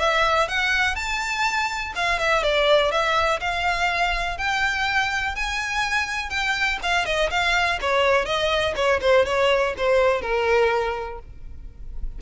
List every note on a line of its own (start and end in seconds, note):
0.00 0.49 E5
0.49 0.96 F#5
0.96 1.93 A5
1.96 2.20 F5
2.20 2.43 E5
2.43 2.92 D5
2.92 3.40 E5
3.41 4.38 F5
4.38 5.36 G5
5.36 6.30 G#5
6.30 6.79 G5
6.83 7.06 F5
7.06 7.30 D#5
7.31 7.79 F5
7.82 8.26 C#5
8.26 8.74 D#5
8.76 9.01 C#5
9.01 9.26 C5
9.26 9.74 C#5
9.78 10.22 C5
10.22 11.20 A#4